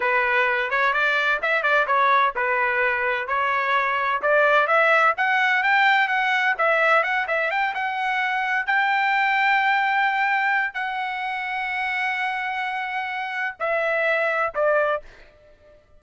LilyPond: \new Staff \with { instrumentName = "trumpet" } { \time 4/4 \tempo 4 = 128 b'4. cis''8 d''4 e''8 d''8 | cis''4 b'2 cis''4~ | cis''4 d''4 e''4 fis''4 | g''4 fis''4 e''4 fis''8 e''8 |
g''8 fis''2 g''4.~ | g''2. fis''4~ | fis''1~ | fis''4 e''2 d''4 | }